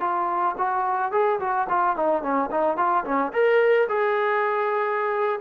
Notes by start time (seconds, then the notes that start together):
0.00 F4
0.57 F#4
1.12 G#4
1.40 F#4
1.69 F4
1.96 D#4
2.22 C#4
2.50 D#4
2.76 F4
3.04 C#4
3.33 A#4
3.88 G#4